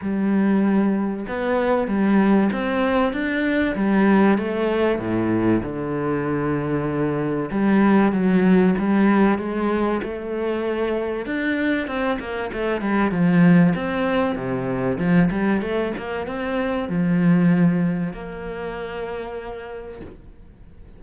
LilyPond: \new Staff \with { instrumentName = "cello" } { \time 4/4 \tempo 4 = 96 g2 b4 g4 | c'4 d'4 g4 a4 | a,4 d2. | g4 fis4 g4 gis4 |
a2 d'4 c'8 ais8 | a8 g8 f4 c'4 c4 | f8 g8 a8 ais8 c'4 f4~ | f4 ais2. | }